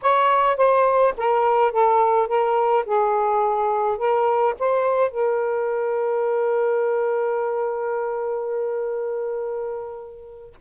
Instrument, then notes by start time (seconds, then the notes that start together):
saxophone
0.02 C#5
0.56 C5
1.17 A#4
1.71 A4
2.27 A#4
2.85 G#4
3.97 A#4
4.59 C5
5.10 A#4